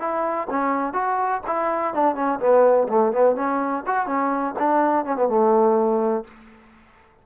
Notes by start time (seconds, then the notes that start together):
0.00 E4
0.50 C#4
0.94 F#4
1.47 E4
1.94 D4
2.16 C#4
2.40 B3
2.89 A3
3.13 B3
3.36 C#4
3.87 F#4
4.07 C#4
4.59 D4
5.06 C#4
5.17 B3
5.29 A3